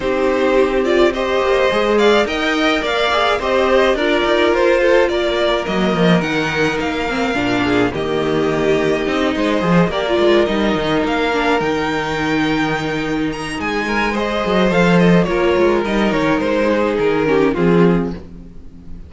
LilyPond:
<<
  \new Staff \with { instrumentName = "violin" } { \time 4/4 \tempo 4 = 106 c''4. d''8 dis''4. f''8 | g''4 f''4 dis''4 d''4 | c''4 d''4 dis''4 fis''4 | f''2 dis''2~ |
dis''4. d''4 dis''4 f''8~ | f''8 g''2. ais''8 | gis''4 dis''4 f''8 dis''8 cis''4 | dis''8 cis''8 c''4 ais'4 gis'4 | }
  \new Staff \with { instrumentName = "violin" } { \time 4/4 g'2 c''4. d''8 | dis''4 d''4 c''4 ais'4~ | ais'8 a'8 ais'2.~ | ais'4. gis'8 g'2~ |
g'8 c''4 ais'2~ ais'8~ | ais'1 | gis'8 ais'8 c''2 ais'4~ | ais'4. gis'4 g'8 f'4 | }
  \new Staff \with { instrumentName = "viola" } { \time 4/4 dis'4. f'8 g'4 gis'4 | ais'4. gis'8 g'4 f'4~ | f'2 ais4 dis'4~ | dis'8 c'8 d'4 ais2 |
dis'4 gis'8 g'16 f'8. dis'4. | d'8 dis'2.~ dis'8~ | dis'4 gis'4 a'4 f'4 | dis'2~ dis'8 cis'8 c'4 | }
  \new Staff \with { instrumentName = "cello" } { \time 4/4 c'2~ c'8 ais8 gis4 | dis'4 ais4 c'4 d'8 dis'8 | f'4 ais4 fis8 f8 dis4 | ais4 ais,4 dis2 |
c'8 gis8 f8 ais8 gis8 g8 dis8 ais8~ | ais8 dis2.~ dis8 | gis4. fis8 f4 ais8 gis8 | g8 dis8 gis4 dis4 f4 | }
>>